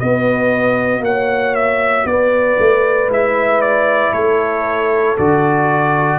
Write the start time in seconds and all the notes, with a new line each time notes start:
0.00 B3 F#4 B4 D#5
1.00 A#3 C#5 F#5
1.55 E5
2.05 B3 B4 D5
2.59 A3
3.09 G#3 E4 E5
3.61 D5
4.12 A3 A4 C#5
5.18 D3 F#4 D5